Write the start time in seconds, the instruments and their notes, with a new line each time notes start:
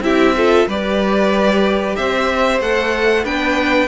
0.00 cello C4, viola E4, violin G4 E5
0.36 viola F4, violin A4
0.66 cello G3, viola G4, violin B4 D5
1.96 cello C4, violin C5 E5
2.60 cello A3, viola A4, violin F#5
3.24 cello B3, viola D4, violin B4 G5